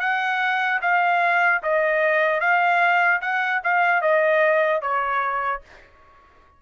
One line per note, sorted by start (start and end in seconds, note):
0.00 0.80 F#5
0.81 1.61 F5
1.63 2.41 D#5
2.41 3.21 F5
3.21 3.61 F#5
3.64 4.02 F5
4.02 4.82 D#5
4.82 5.62 C#5